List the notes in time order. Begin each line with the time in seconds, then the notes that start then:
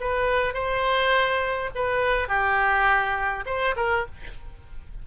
0.00 B4
0.53 C5
1.75 B4
2.28 G4
3.45 C5
3.76 A#4